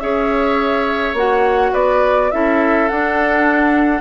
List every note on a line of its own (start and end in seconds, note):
0.00 1.13 C#4
0.00 1.16 G#4
0.00 1.72 C#5
0.00 1.15 E5
1.13 1.71 A#3
1.13 2.31 F#4
1.13 1.74 F#5
1.72 2.32 B3
1.72 2.30 B4
1.72 2.31 D5
2.31 2.91 C#4
2.31 2.89 E4
2.31 4.01 A4
2.31 2.88 E5
2.88 4.01 D4
2.88 4.01 F#5